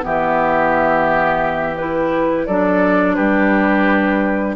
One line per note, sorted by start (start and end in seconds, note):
0.00 2.47 E3
0.00 1.74 B3
0.00 2.46 G4
0.00 1.76 E5
1.76 2.48 E4
1.76 2.46 B4
2.46 3.17 F#3
2.46 4.56 D4
2.46 3.15 A4
2.46 3.14 D5
3.14 4.56 G3
3.14 4.55 G4
3.14 4.54 B4